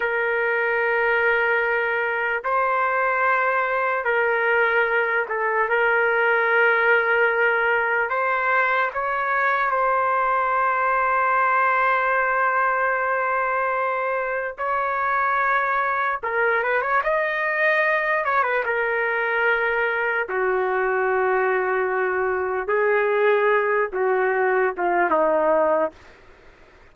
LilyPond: \new Staff \with { instrumentName = "trumpet" } { \time 4/4 \tempo 4 = 74 ais'2. c''4~ | c''4 ais'4. a'8 ais'4~ | ais'2 c''4 cis''4 | c''1~ |
c''2 cis''2 | ais'8 b'16 cis''16 dis''4. cis''16 b'16 ais'4~ | ais'4 fis'2. | gis'4. fis'4 f'8 dis'4 | }